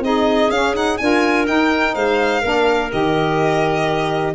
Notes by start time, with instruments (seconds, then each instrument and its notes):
0.00 tuba C4, saxophone D#4, clarinet G#4, violin D#5
0.50 tuba C#4, saxophone C#4, violin F5
0.74 saxophone D#4, violin F#5
0.98 tuba D4, saxophone F4, clarinet A#4, violin G#5
1.46 saxophone D#4, tuba D#4, violin G5
1.95 tuba G#3, clarinet C5, violin F5
2.42 tuba A#3, saxophone D4, clarinet A#4
2.91 tuba D#3, saxophone G4, violin D#5